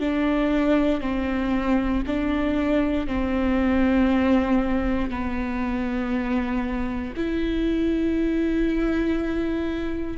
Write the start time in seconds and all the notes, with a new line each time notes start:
0.00 D4
1.01 C4
2.07 D4
3.07 C4
5.10 B3
7.16 E4